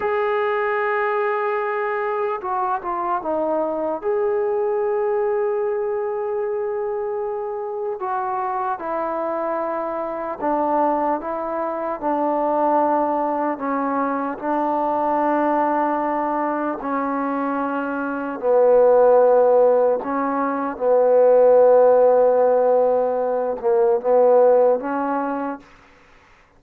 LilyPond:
\new Staff \with { instrumentName = "trombone" } { \time 4/4 \tempo 4 = 75 gis'2. fis'8 f'8 | dis'4 gis'2.~ | gis'2 fis'4 e'4~ | e'4 d'4 e'4 d'4~ |
d'4 cis'4 d'2~ | d'4 cis'2 b4~ | b4 cis'4 b2~ | b4. ais8 b4 cis'4 | }